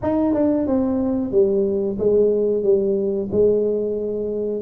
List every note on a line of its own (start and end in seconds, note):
0.02 0.33 D#4
0.33 0.66 D4
0.66 1.31 C4
1.31 1.97 G3
1.98 2.63 G#3
2.63 3.29 G3
3.31 4.62 G#3